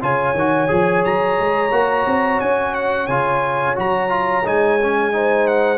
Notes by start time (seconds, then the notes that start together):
0.00 C#3 F4 C#5 G#5
0.34 D#3 F#4
0.68 F3 G#4
1.05 F#3 A#5
1.39 G#3
1.71 A#3 F#4
2.06 C4
2.40 C#4 G#5
2.74 F#5
3.07 C#3 F4 G#5
3.75 F#3 F#4 A#5
4.09 F4
4.45 G#3 D#4 G#5
4.82 C#4
5.12 D#4 C5
5.47 F#5